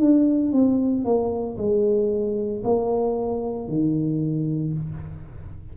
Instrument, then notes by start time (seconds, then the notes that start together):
tuba
0.00 D4
0.53 C4
1.05 A#3
1.58 G#3
2.64 A#3
3.69 D#3